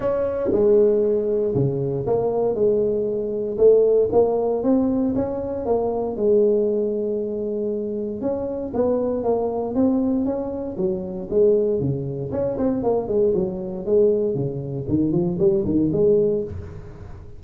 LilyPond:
\new Staff \with { instrumentName = "tuba" } { \time 4/4 \tempo 4 = 117 cis'4 gis2 cis4 | ais4 gis2 a4 | ais4 c'4 cis'4 ais4 | gis1 |
cis'4 b4 ais4 c'4 | cis'4 fis4 gis4 cis4 | cis'8 c'8 ais8 gis8 fis4 gis4 | cis4 dis8 f8 g8 dis8 gis4 | }